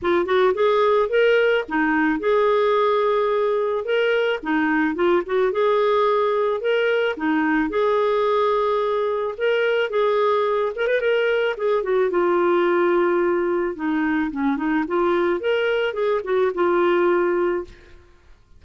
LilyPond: \new Staff \with { instrumentName = "clarinet" } { \time 4/4 \tempo 4 = 109 f'8 fis'8 gis'4 ais'4 dis'4 | gis'2. ais'4 | dis'4 f'8 fis'8 gis'2 | ais'4 dis'4 gis'2~ |
gis'4 ais'4 gis'4. ais'16 b'16 | ais'4 gis'8 fis'8 f'2~ | f'4 dis'4 cis'8 dis'8 f'4 | ais'4 gis'8 fis'8 f'2 | }